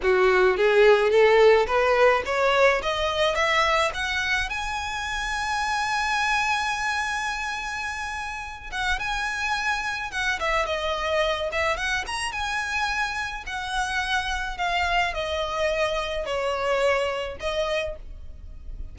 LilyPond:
\new Staff \with { instrumentName = "violin" } { \time 4/4 \tempo 4 = 107 fis'4 gis'4 a'4 b'4 | cis''4 dis''4 e''4 fis''4 | gis''1~ | gis''2.~ gis''8 fis''8 |
gis''2 fis''8 e''8 dis''4~ | dis''8 e''8 fis''8 ais''8 gis''2 | fis''2 f''4 dis''4~ | dis''4 cis''2 dis''4 | }